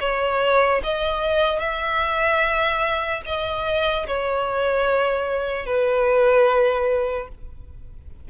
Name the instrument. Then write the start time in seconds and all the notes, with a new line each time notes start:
violin
0.00 C#5
0.83 D#5
1.59 E5
3.25 D#5
4.07 C#5
5.66 B4